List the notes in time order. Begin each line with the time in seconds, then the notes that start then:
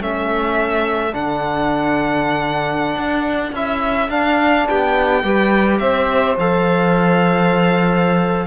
0.00 A3 C#4 A4 E5
1.12 D3 D4 F#5
2.96 D4
3.52 C#4 E4 E5
4.08 D4 F5
4.66 B3 G4 G5
5.23 G3 G4 B4
5.78 C4 C5 E5
6.37 F3 A4 F5